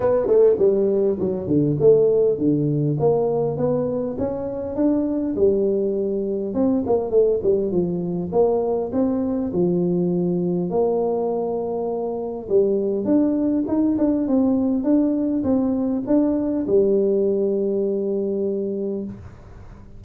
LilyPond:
\new Staff \with { instrumentName = "tuba" } { \time 4/4 \tempo 4 = 101 b8 a8 g4 fis8 d8 a4 | d4 ais4 b4 cis'4 | d'4 g2 c'8 ais8 | a8 g8 f4 ais4 c'4 |
f2 ais2~ | ais4 g4 d'4 dis'8 d'8 | c'4 d'4 c'4 d'4 | g1 | }